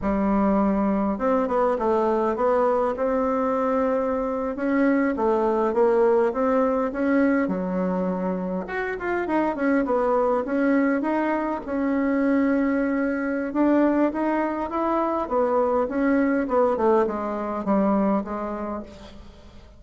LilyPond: \new Staff \with { instrumentName = "bassoon" } { \time 4/4 \tempo 4 = 102 g2 c'8 b8 a4 | b4 c'2~ c'8. cis'16~ | cis'8. a4 ais4 c'4 cis'16~ | cis'8. fis2 fis'8 f'8 dis'16~ |
dis'16 cis'8 b4 cis'4 dis'4 cis'16~ | cis'2. d'4 | dis'4 e'4 b4 cis'4 | b8 a8 gis4 g4 gis4 | }